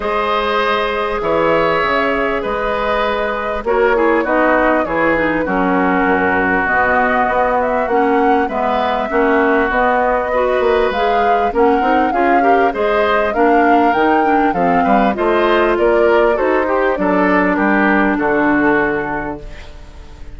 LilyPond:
<<
  \new Staff \with { instrumentName = "flute" } { \time 4/4 \tempo 4 = 99 dis''2 e''2 | dis''2 cis''4 dis''4 | cis''8 b'8 ais'2 dis''4~ | dis''8 e''8 fis''4 e''2 |
dis''2 f''4 fis''4 | f''4 dis''4 f''4 g''4 | f''4 dis''4 d''4 c''4 | d''4 ais'4 a'2 | }
  \new Staff \with { instrumentName = "oboe" } { \time 4/4 c''2 cis''2 | b'2 ais'8 gis'8 fis'4 | gis'4 fis'2.~ | fis'2 b'4 fis'4~ |
fis'4 b'2 ais'4 | gis'8 ais'8 c''4 ais'2 | a'8 b'8 c''4 ais'4 a'8 g'8 | a'4 g'4 fis'2 | }
  \new Staff \with { instrumentName = "clarinet" } { \time 4/4 gis'1~ | gis'2 fis'8 e'8 dis'4 | e'8 dis'8 cis'2 b4~ | b4 cis'4 b4 cis'4 |
b4 fis'4 gis'4 cis'8 dis'8 | f'8 g'8 gis'4 d'4 dis'8 d'8 | c'4 f'2 fis'8 g'8 | d'1 | }
  \new Staff \with { instrumentName = "bassoon" } { \time 4/4 gis2 e4 cis4 | gis2 ais4 b4 | e4 fis4 fis,4 b,4 | b4 ais4 gis4 ais4 |
b4. ais8 gis4 ais8 c'8 | cis'4 gis4 ais4 dis4 | f8 g8 a4 ais4 dis'4 | fis4 g4 d2 | }
>>